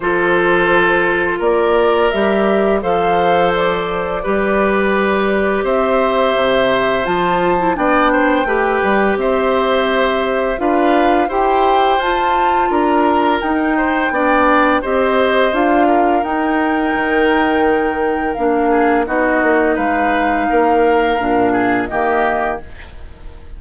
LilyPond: <<
  \new Staff \with { instrumentName = "flute" } { \time 4/4 \tempo 4 = 85 c''2 d''4 e''4 | f''4 d''2. | e''2 a''4 g''4~ | g''4 e''2 f''4 |
g''4 a''4 ais''4 g''4~ | g''4 dis''4 f''4 g''4~ | g''2 f''4 dis''4 | f''2. dis''4 | }
  \new Staff \with { instrumentName = "oboe" } { \time 4/4 a'2 ais'2 | c''2 b'2 | c''2. d''8 c''8 | b'4 c''2 b'4 |
c''2 ais'4. c''8 | d''4 c''4. ais'4.~ | ais'2~ ais'8 gis'8 fis'4 | b'4 ais'4. gis'8 g'4 | }
  \new Staff \with { instrumentName = "clarinet" } { \time 4/4 f'2. g'4 | a'2 g'2~ | g'2 f'8. e'16 d'4 | g'2. f'4 |
g'4 f'2 dis'4 | d'4 g'4 f'4 dis'4~ | dis'2 d'4 dis'4~ | dis'2 d'4 ais4 | }
  \new Staff \with { instrumentName = "bassoon" } { \time 4/4 f2 ais4 g4 | f2 g2 | c'4 c4 f4 b4 | a8 g8 c'2 d'4 |
e'4 f'4 d'4 dis'4 | b4 c'4 d'4 dis'4 | dis2 ais4 b8 ais8 | gis4 ais4 ais,4 dis4 | }
>>